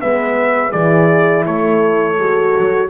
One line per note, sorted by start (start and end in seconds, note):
0.00 0.74 G#3
0.00 0.72 B3
0.00 0.73 B4
0.00 0.72 E5
0.72 1.46 E3
0.72 2.16 E4
0.72 1.45 G#4
0.72 1.44 D5
1.46 2.18 A3
1.46 2.90 A4
1.46 2.90 C#5
2.18 2.54 G#3
2.18 2.90 F#4
2.58 2.90 F#3